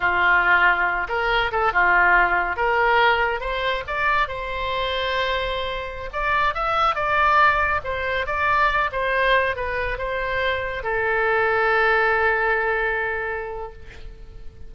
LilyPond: \new Staff \with { instrumentName = "oboe" } { \time 4/4 \tempo 4 = 140 f'2~ f'8 ais'4 a'8 | f'2 ais'2 | c''4 d''4 c''2~ | c''2~ c''16 d''4 e''8.~ |
e''16 d''2 c''4 d''8.~ | d''8. c''4. b'4 c''8.~ | c''4~ c''16 a'2~ a'8.~ | a'1 | }